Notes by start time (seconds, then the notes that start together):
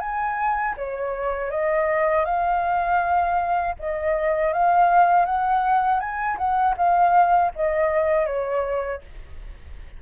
0.00 G#5
0.77 C#5
1.51 D#5
2.25 F5
3.79 D#5
4.53 F5
5.26 F#5
6.00 G#5
6.38 F#5
6.77 F5
7.55 D#5
8.27 C#5